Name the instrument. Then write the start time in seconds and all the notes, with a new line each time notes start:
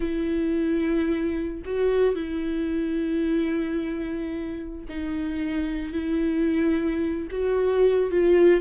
viola
0.00 E4
1.65 F#4
2.15 E4
4.88 D#4
5.92 E4
7.30 F#4
8.11 F4